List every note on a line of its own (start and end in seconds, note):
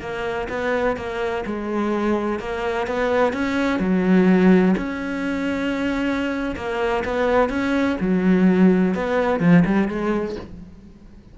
0.00 0.48 A#3
0.49 0.97 B3
0.97 1.44 A#3
1.46 2.39 G#3
2.39 2.87 A#3
2.87 3.33 B3
3.33 3.80 C#4
3.80 4.75 F#3
4.77 6.55 C#4
6.56 7.04 A#3
7.05 7.50 B3
7.50 7.97 C#4
8.00 8.95 F#3
8.95 9.40 B3
9.40 9.64 F3
9.66 9.88 G3
9.88 10.36 G#3